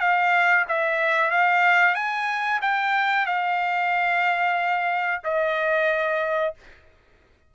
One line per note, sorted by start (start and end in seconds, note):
0.00 0.65 F5
0.69 1.31 E5
1.31 1.95 F5
1.95 2.60 G#5
2.62 3.26 G5
3.26 5.22 F5
5.24 6.55 D#5